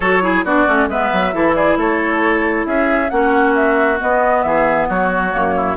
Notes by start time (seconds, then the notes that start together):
0.00 F#3 F#4 A4 C#5
0.22 E4 G#4
0.44 B3 D4 F#4 D5
0.67 A3 C#4
0.88 G#3 B3 B4 E5
1.12 F#3
1.33 E3 E4 A4
1.55 G#4 D5
1.76 A3 A4 C#5
2.66 C#4 G#4 E5
3.09 A#3 C#4 F#4 F#5
3.54 E5
3.98 B3 D#5
4.42 E3 G#4 E5
4.88 F#3 F#4 C#5
5.31 F#2 A#3
5.56 E4